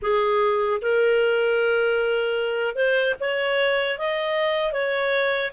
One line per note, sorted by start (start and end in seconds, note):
0.02 0.81 G#4
0.81 2.75 A#4
2.75 3.14 C5
3.19 3.98 C#5
3.98 4.72 D#5
4.72 5.51 C#5